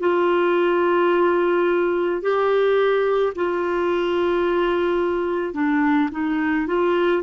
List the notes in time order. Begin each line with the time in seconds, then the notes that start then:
0.00 F4
2.22 G4
3.35 F4
5.54 D4
6.12 D#4
6.67 F4